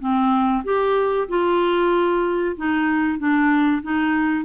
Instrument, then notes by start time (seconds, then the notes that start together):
clarinet
0.00 C4
0.65 G4
1.29 F4
2.57 D#4
3.19 D4
3.83 D#4